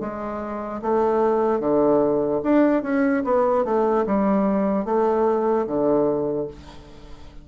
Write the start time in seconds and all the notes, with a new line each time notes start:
0.00 G#3
0.82 A3
1.60 D3
2.43 D4
2.83 C#4
3.24 B3
3.64 A3
4.06 G3
4.85 A3
5.66 D3